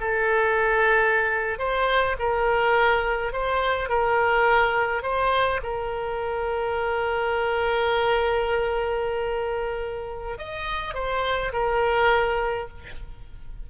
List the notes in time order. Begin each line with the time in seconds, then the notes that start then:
0.00 A4
1.58 C5
2.19 A#4
3.33 C5
3.89 A#4
5.03 C5
5.63 A#4
10.38 D#5
10.94 C5
11.53 A#4